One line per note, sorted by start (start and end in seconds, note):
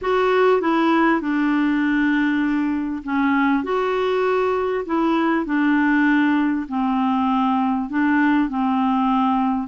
0.01 0.61 F#4
0.61 1.21 E4
1.21 3.02 D4
3.04 3.63 C#4
3.63 4.84 F#4
4.85 5.45 E4
5.45 6.66 D4
6.68 7.89 C4
7.90 8.49 D4
8.49 9.67 C4